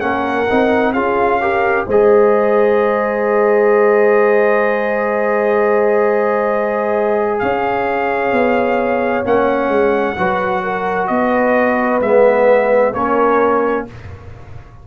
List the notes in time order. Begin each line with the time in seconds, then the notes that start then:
0.00 A#3 C#4 A#4 F#5
0.50 C4 D#4
0.93 C#4 F4 G#4 F5
1.40 G4 A#4
1.86 G#3 G#4 C5 D#5
7.39 C#4 C#5 F5
8.32 B3
9.24 A#3 C#4 F#5
9.69 G#3
10.17 F#3 F#4 B4
10.63 A#4
11.07 B3 B4 D#5
12.01 G#3 B3 E5
12.93 A#3 C#4 A#4 C#5